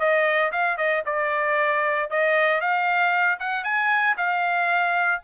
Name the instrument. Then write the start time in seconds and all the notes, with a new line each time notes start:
trumpet
0.00 D#5
0.52 F5
0.78 D#5
1.06 D5
2.10 D#5
2.61 F5
3.40 F#5
3.64 G#5
4.18 F5